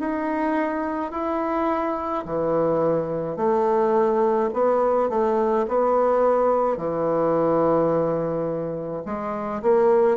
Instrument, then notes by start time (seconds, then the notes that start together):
bassoon
0.00 D#4
1.11 E4
2.25 E3
3.37 A3
4.53 B3
5.09 A3
5.69 B3
6.77 E3
9.06 G#3
9.62 A#3